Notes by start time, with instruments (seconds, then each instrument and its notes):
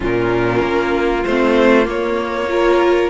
0.00 cello A#2, viola C#4, violin F4 A#4
0.61 cello A#3
1.24 cello A3, viola C4, violin C5
1.84 viola A#3, cello A#3, violin C#5
2.48 viola F4, violin A#4